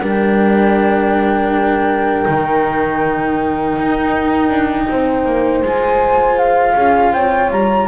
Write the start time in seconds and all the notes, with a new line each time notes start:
0.00 G3 D4 A#4 G5
2.25 D#3 D#4
3.78 D#4
4.49 D4
4.89 C4 C5
5.25 A#3
5.62 G#3 F4 G#5
6.38 F5
6.75 C#4 G#4
7.12 C4 C#5 G5
7.50 G3 A#5